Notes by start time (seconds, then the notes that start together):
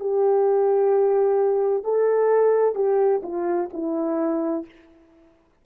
0.00 G4
1.84 A4
2.75 G4
3.23 F4
3.73 E4